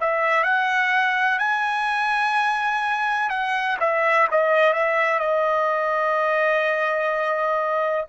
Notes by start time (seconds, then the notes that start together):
0.00 E5
0.43 F#5
1.39 G#5
3.29 F#5
3.79 E5
4.31 D#5
4.73 E5
5.19 D#5